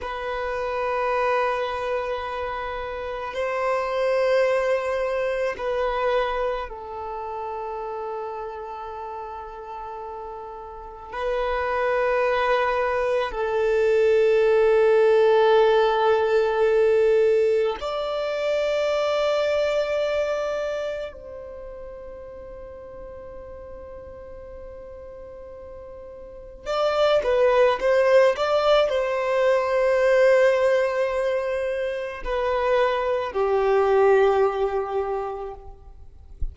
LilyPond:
\new Staff \with { instrumentName = "violin" } { \time 4/4 \tempo 4 = 54 b'2. c''4~ | c''4 b'4 a'2~ | a'2 b'2 | a'1 |
d''2. c''4~ | c''1 | d''8 b'8 c''8 d''8 c''2~ | c''4 b'4 g'2 | }